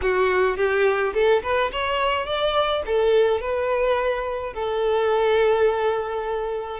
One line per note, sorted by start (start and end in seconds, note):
0.01 0.56 F#4
0.56 1.13 G4
1.14 1.42 A4
1.42 1.71 B4
1.72 2.26 C#5
2.26 2.82 D5
2.86 3.40 A4
3.40 4.53 B4
4.53 6.80 A4